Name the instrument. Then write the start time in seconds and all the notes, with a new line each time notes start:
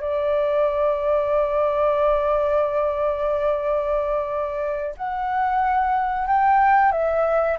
flute
0.00 D5
4.97 F#5
6.27 G5
6.91 E5